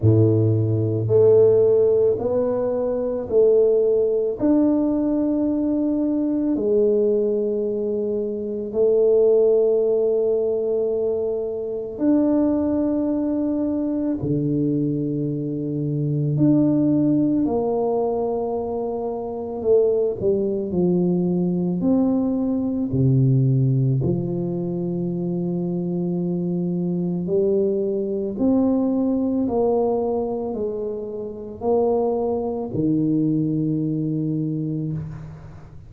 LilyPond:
\new Staff \with { instrumentName = "tuba" } { \time 4/4 \tempo 4 = 55 a,4 a4 b4 a4 | d'2 gis2 | a2. d'4~ | d'4 d2 d'4 |
ais2 a8 g8 f4 | c'4 c4 f2~ | f4 g4 c'4 ais4 | gis4 ais4 dis2 | }